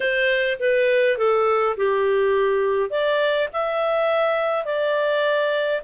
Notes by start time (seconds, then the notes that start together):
0.00 C5
0.59 B4
1.17 A4
1.76 G4
2.90 D5
3.52 E5
4.64 D5